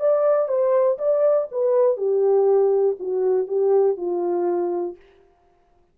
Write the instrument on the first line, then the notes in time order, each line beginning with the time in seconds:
horn
0.00 D5
0.48 C5
0.98 D5
1.52 B4
1.97 G4
3.00 F#4
3.48 G4
3.97 F4